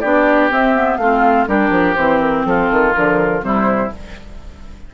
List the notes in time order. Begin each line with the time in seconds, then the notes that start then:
0.00 B3 D4 G4 D5
0.50 C4 E5
0.75 B3
0.96 A3 C4 F4 F5
1.47 G3 D4 G4 A#4
1.70 F3
1.94 E3 C4 C5
2.20 A#4
2.45 F3 F4 A4
2.71 D#3
2.93 D3 F3 A#4
3.41 C3 G3 E4 C5